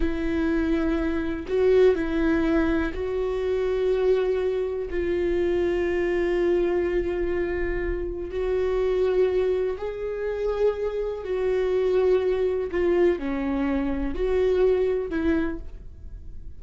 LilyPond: \new Staff \with { instrumentName = "viola" } { \time 4/4 \tempo 4 = 123 e'2. fis'4 | e'2 fis'2~ | fis'2 f'2~ | f'1~ |
f'4 fis'2. | gis'2. fis'4~ | fis'2 f'4 cis'4~ | cis'4 fis'2 e'4 | }